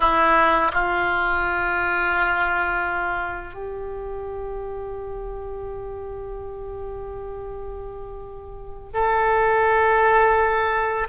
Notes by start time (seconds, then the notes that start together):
0.00 E4
0.73 F4
3.54 G4
8.93 A4